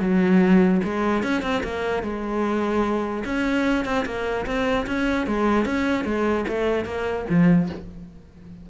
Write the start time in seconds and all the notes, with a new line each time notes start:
0.00 F#3
0.83 G#3
1.23 C#4
1.42 C4
1.63 A#3
2.03 G#3
3.25 C#4
3.85 C4
4.05 A#3
4.46 C4
4.86 C#4
5.26 G#3
5.65 C#4
6.04 G#3
6.48 A3
6.85 A#3
7.29 F3